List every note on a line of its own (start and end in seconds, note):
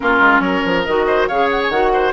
0.00 0.20 A#3
0.00 0.84 C#4
0.00 0.41 F4
0.00 0.40 A#4
0.20 0.39 G#3
0.39 0.61 F#3
0.39 1.05 A#4
0.39 0.83 C#5
0.65 0.86 F3
0.85 1.29 D#3
0.85 1.30 F#4
0.85 1.27 D#5
1.06 1.28 C5
1.27 1.69 C#3
1.27 1.72 G#4
1.27 1.92 C#5
1.27 1.49 F5
1.50 1.61 F#5
1.62 1.69 G#5
1.69 2.12 D#3
1.69 2.13 F#4
1.69 2.12 F#5
1.92 2.13 C5